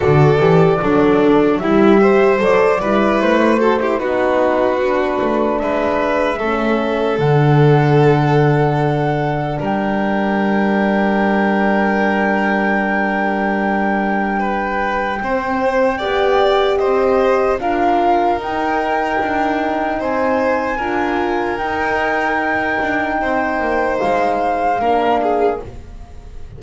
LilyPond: <<
  \new Staff \with { instrumentName = "flute" } { \time 4/4 \tempo 4 = 75 d''2 e''4 d''4 | c''4 b'2 e''4~ | e''4 fis''2. | g''1~ |
g''1~ | g''4 dis''4 f''4 g''4~ | g''4 gis''2 g''4~ | g''2 f''2 | }
  \new Staff \with { instrumentName = "violin" } { \time 4/4 a'4 d'4 e'8 c''4 b'8~ | b'8 a'16 g'16 fis'2 b'4 | a'1 | ais'1~ |
ais'2 b'4 c''4 | d''4 c''4 ais'2~ | ais'4 c''4 ais'2~ | ais'4 c''2 ais'8 gis'8 | }
  \new Staff \with { instrumentName = "horn" } { \time 4/4 fis'8 g'8 a'4 g'4 a'8 e'8~ | e'8 fis'16 e'16 dis'4 d'2 | cis'4 d'2.~ | d'1~ |
d'2. c'4 | g'2 f'4 dis'4~ | dis'2 f'4 dis'4~ | dis'2. d'4 | }
  \new Staff \with { instrumentName = "double bass" } { \time 4/4 d8 e8 fis4 g4 fis8 g8 | a4 b4. a8 gis4 | a4 d2. | g1~ |
g2. c'4 | b4 c'4 d'4 dis'4 | d'4 c'4 d'4 dis'4~ | dis'8 d'8 c'8 ais8 gis4 ais4 | }
>>